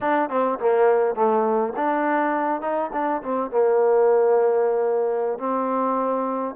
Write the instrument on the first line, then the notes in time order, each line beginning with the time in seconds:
trombone
0.00 D4
0.29 C4
0.59 A#3
1.15 A3
1.76 D4
2.61 D#4
2.93 D4
3.22 C4
3.50 A#3
5.38 C4